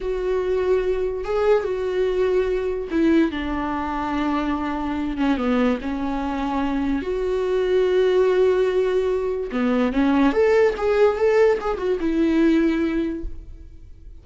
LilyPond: \new Staff \with { instrumentName = "viola" } { \time 4/4 \tempo 4 = 145 fis'2. gis'4 | fis'2. e'4 | d'1~ | d'8 cis'8 b4 cis'2~ |
cis'4 fis'2.~ | fis'2. b4 | cis'4 a'4 gis'4 a'4 | gis'8 fis'8 e'2. | }